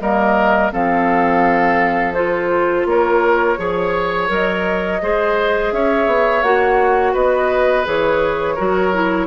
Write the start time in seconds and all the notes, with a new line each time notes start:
0.00 G3 A#3 A#4 D#5
0.73 F3 C4 A4 F5
2.14 F4 C5
2.86 A#3 A#4 C#5
3.57 F3 G#4 C#5
4.28 F#3 A#4 D#5
5.02 G#3 G#4 C5
5.72 C#4 C#5 E5
6.07 B3
6.43 A#3 F#4 F#5
7.13 B3 B4 D#5
7.85 E3 G#4 C#5
8.55 F#3 F#4 A#4
8.94 E4